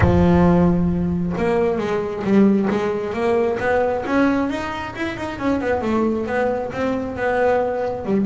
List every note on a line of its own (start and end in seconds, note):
0.00 1.32 F3
1.37 1.77 A#3
1.77 2.22 G#3
2.23 2.68 G3
2.70 3.13 G#3
3.13 3.57 A#3
3.59 4.04 B3
4.06 4.49 C#4
4.49 4.94 D#4
4.95 5.16 E4
5.16 5.39 D#4
5.39 5.60 C#4
5.60 5.81 B3
5.81 6.26 A3
6.26 6.71 B3
6.72 7.16 C4
7.16 8.05 B3
8.05 8.25 G3